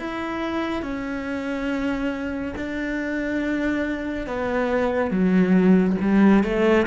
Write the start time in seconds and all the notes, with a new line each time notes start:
0.00 E4
0.83 C#4
2.57 D4
4.27 B3
5.11 F#3
6.01 G3
6.44 A3